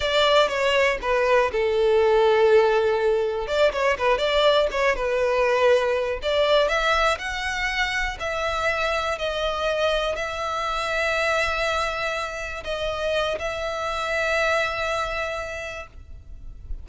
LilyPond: \new Staff \with { instrumentName = "violin" } { \time 4/4 \tempo 4 = 121 d''4 cis''4 b'4 a'4~ | a'2. d''8 cis''8 | b'8 d''4 cis''8 b'2~ | b'8 d''4 e''4 fis''4.~ |
fis''8 e''2 dis''4.~ | dis''8 e''2.~ e''8~ | e''4. dis''4. e''4~ | e''1 | }